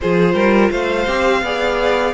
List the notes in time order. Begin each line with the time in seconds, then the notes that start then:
0.00 F3 F4 G#4 C5
0.33 G3 A#4
0.70 A3 C5 F5
1.07 C4 G4
1.42 B3 G#4 D5